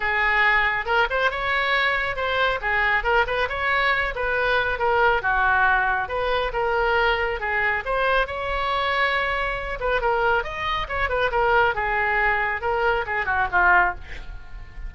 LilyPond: \new Staff \with { instrumentName = "oboe" } { \time 4/4 \tempo 4 = 138 gis'2 ais'8 c''8 cis''4~ | cis''4 c''4 gis'4 ais'8 b'8 | cis''4. b'4. ais'4 | fis'2 b'4 ais'4~ |
ais'4 gis'4 c''4 cis''4~ | cis''2~ cis''8 b'8 ais'4 | dis''4 cis''8 b'8 ais'4 gis'4~ | gis'4 ais'4 gis'8 fis'8 f'4 | }